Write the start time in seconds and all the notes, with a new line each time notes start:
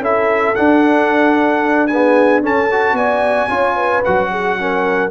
0.00 C#4 E4 A4 E5
0.55 D4 F#5
1.87 B3 G#4 G#5
2.43 C#4 A4 A5
2.72 F#4
2.93 B3 D5 G#5
3.49 C#4 F4 C#5
3.77 B4
4.04 F#3 F#4 F#5
4.31 G#4
4.60 C#4 A#4